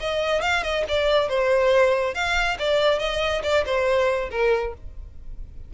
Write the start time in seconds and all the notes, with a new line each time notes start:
0.00 D#5
0.41 F5
0.63 D#5
0.88 D5
1.29 C5
2.14 F5
2.59 D5
2.99 D#5
3.43 D5
3.65 C5
4.31 A#4